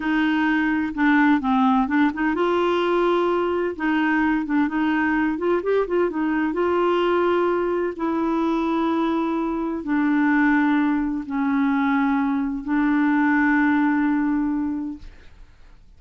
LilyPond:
\new Staff \with { instrumentName = "clarinet" } { \time 4/4 \tempo 4 = 128 dis'2 d'4 c'4 | d'8 dis'8 f'2. | dis'4. d'8 dis'4. f'8 | g'8 f'8 dis'4 f'2~ |
f'4 e'2.~ | e'4 d'2. | cis'2. d'4~ | d'1 | }